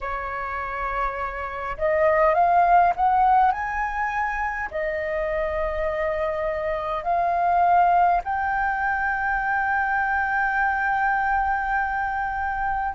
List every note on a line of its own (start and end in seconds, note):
0.00 1.76 C#5
1.77 2.34 D#5
2.34 2.93 F5
2.96 3.51 F#5
3.51 4.69 G#5
4.71 7.03 D#5
7.03 8.21 F5
8.24 12.94 G5